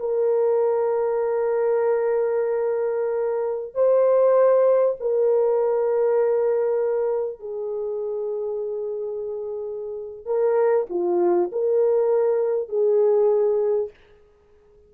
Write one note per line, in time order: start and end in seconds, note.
0.00 3.75 A#4
3.75 4.96 C5
5.01 7.40 A#4
7.40 10.26 G#4
10.26 10.87 A#4
10.90 11.51 F4
11.53 12.69 A#4
12.69 13.91 G#4